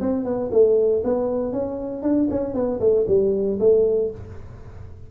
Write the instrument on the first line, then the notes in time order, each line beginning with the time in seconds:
tuba
0.00 C4
0.24 B3
0.51 A3
1.04 B3
1.52 C#4
2.02 D4
2.30 C#4
2.54 B3
2.80 A3
3.07 G3
3.59 A3